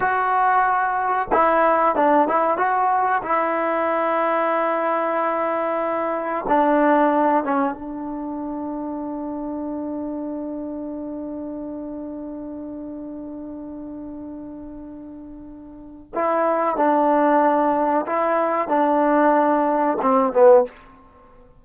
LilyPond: \new Staff \with { instrumentName = "trombone" } { \time 4/4 \tempo 4 = 93 fis'2 e'4 d'8 e'8 | fis'4 e'2.~ | e'2 d'4. cis'8 | d'1~ |
d'1~ | d'1~ | d'4 e'4 d'2 | e'4 d'2 c'8 b8 | }